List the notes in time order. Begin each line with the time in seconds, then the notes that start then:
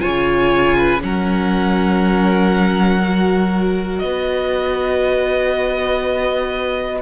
0.00 C#3 F4 C#5 G#5
0.78 B4
1.01 F#3 C#4 A#4 F#5
3.02 F#4
3.99 B3 B4 D#5